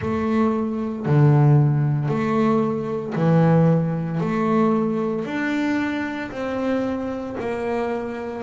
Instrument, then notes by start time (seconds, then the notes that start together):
double bass
0.00 A3
1.05 D3
2.08 A3
3.15 E3
4.20 A3
5.25 D4
6.31 C4
7.40 A#3